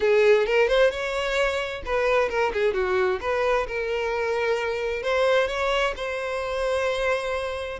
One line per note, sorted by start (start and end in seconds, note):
0.00 0.46 G#4
0.46 0.68 A#4
0.68 0.90 C5
0.90 1.82 C#5
1.85 2.29 B4
2.29 2.52 A#4
2.53 2.73 G#4
2.73 3.19 F#4
3.20 3.66 B4
3.67 5.02 A#4
5.02 5.47 C5
5.47 5.93 C#5
5.96 7.79 C5